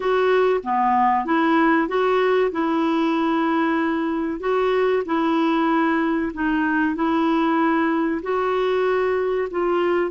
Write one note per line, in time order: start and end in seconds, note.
0.00 0.60 F#4
0.63 1.25 B3
1.25 1.87 E4
1.87 2.51 F#4
2.51 4.40 E4
4.40 5.03 F#4
5.05 6.32 E4
6.33 6.95 D#4
6.95 8.21 E4
8.22 9.48 F#4
9.51 10.11 F4